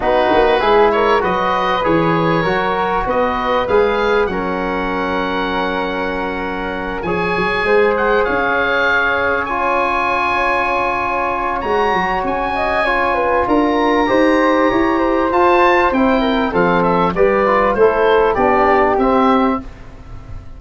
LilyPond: <<
  \new Staff \with { instrumentName = "oboe" } { \time 4/4 \tempo 4 = 98 b'4. cis''8 dis''4 cis''4~ | cis''4 dis''4 f''4 fis''4~ | fis''2.~ fis''8 gis''8~ | gis''4 fis''8 f''2 gis''8~ |
gis''2. ais''4 | gis''2 ais''2~ | ais''4 a''4 g''4 f''8 e''8 | d''4 c''4 d''4 e''4 | }
  \new Staff \with { instrumentName = "flute" } { \time 4/4 fis'4 gis'8 ais'8 b'2 | ais'4 b'2 ais'4~ | ais'2.~ ais'8 cis''8~ | cis''8 c''4 cis''2~ cis''8~ |
cis''1~ | cis''8 dis''8 cis''8 b'8 ais'4 c''4 | cis''8 c''2 ais'8 a'4 | b'4 a'4 g'2 | }
  \new Staff \with { instrumentName = "trombone" } { \time 4/4 dis'4 e'4 fis'4 gis'4 | fis'2 gis'4 cis'4~ | cis'2.~ cis'8 gis'8~ | gis'2.~ gis'8 f'8~ |
f'2. fis'4~ | fis'4 f'2 g'4~ | g'4 f'4 e'4 c'4 | g'8 f'8 e'4 d'4 c'4 | }
  \new Staff \with { instrumentName = "tuba" } { \time 4/4 b8 ais8 gis4 fis4 e4 | fis4 b4 gis4 fis4~ | fis2.~ fis8 f8 | fis8 gis4 cis'2~ cis'8~ |
cis'2. gis8 fis8 | cis'2 d'4 dis'4 | e'4 f'4 c'4 f4 | g4 a4 b4 c'4 | }
>>